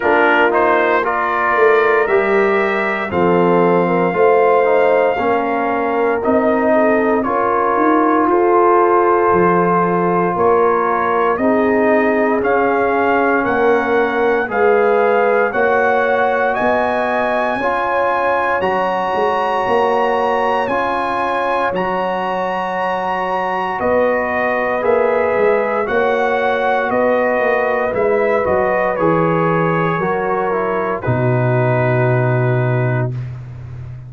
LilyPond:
<<
  \new Staff \with { instrumentName = "trumpet" } { \time 4/4 \tempo 4 = 58 ais'8 c''8 d''4 e''4 f''4~ | f''2 dis''4 cis''4 | c''2 cis''4 dis''4 | f''4 fis''4 f''4 fis''4 |
gis''2 ais''2 | gis''4 ais''2 dis''4 | e''4 fis''4 dis''4 e''8 dis''8 | cis''2 b'2 | }
  \new Staff \with { instrumentName = "horn" } { \time 4/4 f'4 ais'2 a'8. ais'16 | c''4 ais'4. a'8 ais'4 | a'2 ais'4 gis'4~ | gis'4 ais'4 b'4 cis''4 |
dis''4 cis''2.~ | cis''2. b'4~ | b'4 cis''4 b'2~ | b'4 ais'4 fis'2 | }
  \new Staff \with { instrumentName = "trombone" } { \time 4/4 d'8 dis'8 f'4 g'4 c'4 | f'8 dis'8 cis'4 dis'4 f'4~ | f'2. dis'4 | cis'2 gis'4 fis'4~ |
fis'4 f'4 fis'2 | f'4 fis'2. | gis'4 fis'2 e'8 fis'8 | gis'4 fis'8 e'8 dis'2 | }
  \new Staff \with { instrumentName = "tuba" } { \time 4/4 ais4. a8 g4 f4 | a4 ais4 c'4 cis'8 dis'8 | f'4 f4 ais4 c'4 | cis'4 ais4 gis4 ais4 |
b4 cis'4 fis8 gis8 ais4 | cis'4 fis2 b4 | ais8 gis8 ais4 b8 ais8 gis8 fis8 | e4 fis4 b,2 | }
>>